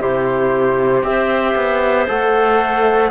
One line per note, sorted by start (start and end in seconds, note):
0.00 1.03 C3
0.00 1.03 E4
0.00 1.04 G4
0.00 1.04 C5
1.03 1.55 C4
1.03 2.06 G4
1.03 3.11 C5
1.03 2.08 E5
1.56 2.07 B3
2.08 3.11 A3
2.08 3.11 A4
2.08 3.11 F#5